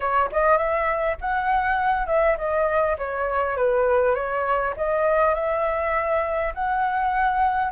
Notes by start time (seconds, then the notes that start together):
0.00 C#5
0.31 D#5
0.57 E5
1.20 F#5
2.07 E5
2.37 D#5
2.98 C#5
3.56 B4
4.14 C#5
4.76 D#5
5.34 E5
6.54 F#5